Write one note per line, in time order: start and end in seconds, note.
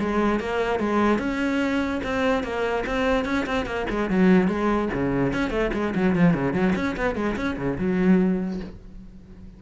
0.00 0.40 G#3
0.40 0.80 A#3
0.80 1.19 G#3
1.19 2.01 C#4
2.03 2.43 C4
2.43 2.84 A#3
2.86 3.25 C4
3.25 3.46 C#4
3.47 3.66 C4
3.66 3.86 A#3
3.90 4.10 G#3
4.10 4.48 F#3
4.48 4.89 G#3
4.94 5.33 C#3
5.33 5.50 C#4
5.50 5.71 A3
5.74 5.94 G#3
5.95 6.16 F#3
6.16 6.34 F3
6.34 6.53 C#3
6.53 6.74 F#3
6.75 6.96 C#4
6.97 7.16 B3
7.16 7.36 G#3
7.36 7.57 C#4
7.57 7.78 C#3
7.78 8.60 F#3